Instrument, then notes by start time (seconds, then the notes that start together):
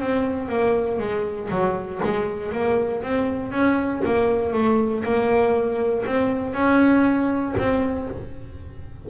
double bass
0.00 C4
0.49 A#3
0.99 G#3
1.50 F#3
2.04 G#3
2.52 A#3
3.03 C4
3.51 C#4
4.05 A#3
4.53 A3
5.04 A#3
6.06 C4
6.54 C#4
7.58 C4